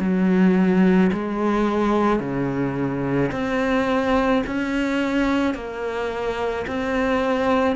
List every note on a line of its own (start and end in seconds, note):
0.00 1.11 F#3
1.13 2.20 G#3
2.20 3.31 C#3
3.32 4.43 C4
4.46 5.55 C#4
5.55 6.66 A#3
6.68 7.76 C4